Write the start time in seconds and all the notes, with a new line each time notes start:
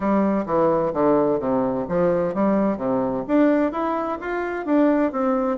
0.00 G3
0.45 E3
0.93 D3
1.39 C3
1.88 F3
2.34 G3
2.77 C3
3.27 D4
3.71 E4
4.21 F4
4.65 D4
5.12 C4